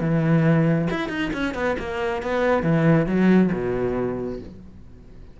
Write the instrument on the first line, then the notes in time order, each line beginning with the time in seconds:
cello
0.00 E3
0.90 E4
1.08 D#4
1.33 C#4
1.54 B3
1.79 A#3
2.22 B3
2.62 E3
3.06 F#3
3.52 B2